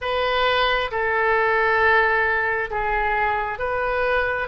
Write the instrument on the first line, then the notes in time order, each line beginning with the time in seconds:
oboe
0.01 B4
0.91 A4
2.70 G#4
3.58 B4